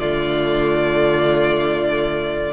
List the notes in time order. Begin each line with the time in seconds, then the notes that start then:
0.00 D3 A3 F4 D5